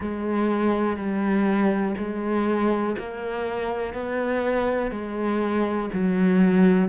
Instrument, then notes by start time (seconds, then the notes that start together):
cello
0.00 G#3
0.96 G3
1.97 G#3
2.98 A#3
3.93 B3
4.91 G#3
5.93 F#3